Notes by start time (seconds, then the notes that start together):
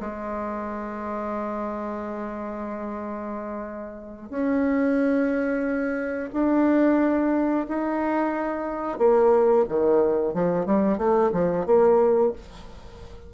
0.00 G#3
4.30 C#4
6.33 D4
7.68 D#4
8.98 A#3
9.68 D#3
10.34 F3
10.66 G3
10.98 A3
11.32 F3
11.66 A#3